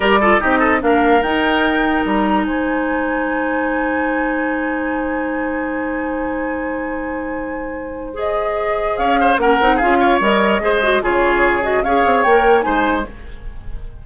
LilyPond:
<<
  \new Staff \with { instrumentName = "flute" } { \time 4/4 \tempo 4 = 147 d''4 dis''4 f''4 g''4~ | g''4 ais''4 gis''2~ | gis''1~ | gis''1~ |
gis''1 | dis''2 f''4 fis''4 | f''4 dis''2 cis''4~ | cis''8 dis''8 f''4 g''4 gis''4 | }
  \new Staff \with { instrumentName = "oboe" } { \time 4/4 ais'8 a'8 g'8 a'8 ais'2~ | ais'2 c''2~ | c''1~ | c''1~ |
c''1~ | c''2 cis''8 c''8 ais'4 | gis'8 cis''4. c''4 gis'4~ | gis'4 cis''2 c''4 | }
  \new Staff \with { instrumentName = "clarinet" } { \time 4/4 g'8 f'8 dis'4 d'4 dis'4~ | dis'1~ | dis'1~ | dis'1~ |
dis'1 | gis'2. cis'8 dis'8 | f'4 ais'4 gis'8 fis'8 f'4~ | f'8 fis'8 gis'4 ais'4 dis'4 | }
  \new Staff \with { instrumentName = "bassoon" } { \time 4/4 g4 c'4 ais4 dis'4~ | dis'4 g4 gis2~ | gis1~ | gis1~ |
gis1~ | gis2 cis'4 ais8 c'8 | cis'4 g4 gis4 cis4~ | cis4 cis'8 c'8 ais4 gis4 | }
>>